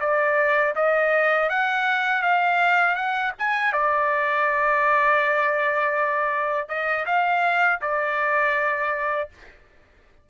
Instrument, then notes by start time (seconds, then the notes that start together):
trumpet
0.00 D5
0.75 D#5
1.49 F#5
2.22 F5
2.95 F#5
3.38 G#5
3.72 D5
6.68 D#5
7.05 F5
7.81 D5